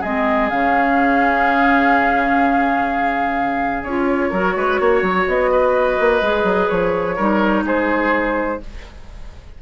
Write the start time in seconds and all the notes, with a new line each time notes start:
0.00 G#3 C4 G#4 D#5
0.50 C#3 C#4 F5
3.83 C#4 F4 C#5
4.29 F#3 F#4 A#4
4.56 G#3 B4
4.80 A#3 C#5
5.02 F#3
5.27 B3 D#5
5.51 B4
5.99 A#3
6.21 G#3 G#4
6.43 F#3
6.69 F3 C#5
7.16 G3 D#4 A#4
7.63 G#3 G#4 C5